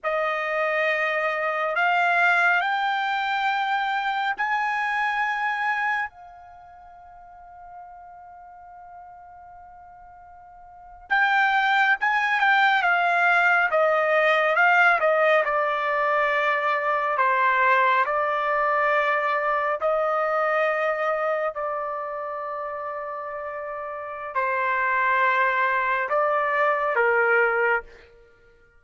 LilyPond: \new Staff \with { instrumentName = "trumpet" } { \time 4/4 \tempo 4 = 69 dis''2 f''4 g''4~ | g''4 gis''2 f''4~ | f''1~ | f''8. g''4 gis''8 g''8 f''4 dis''16~ |
dis''8. f''8 dis''8 d''2 c''16~ | c''8. d''2 dis''4~ dis''16~ | dis''8. d''2.~ d''16 | c''2 d''4 ais'4 | }